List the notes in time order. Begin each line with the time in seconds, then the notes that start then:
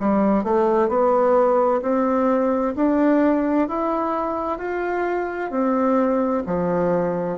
0.00 G3
0.44 A3
0.89 B3
1.82 C4
2.76 D4
3.68 E4
4.59 F4
5.51 C4
6.47 F3